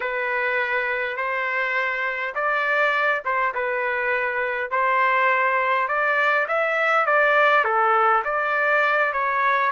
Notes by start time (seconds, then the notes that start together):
0.00 B4
1.17 C5
2.34 D5
3.24 C5
3.54 B4
4.70 C5
5.87 D5
6.47 E5
7.06 D5
7.64 A4
8.24 D5
9.13 C#5